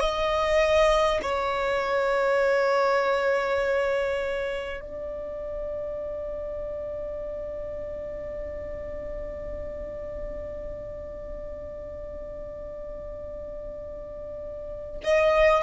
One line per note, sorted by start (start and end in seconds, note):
0.00 1.20 D#5
1.22 4.80 C#5
4.80 15.00 D5
15.03 15.62 D#5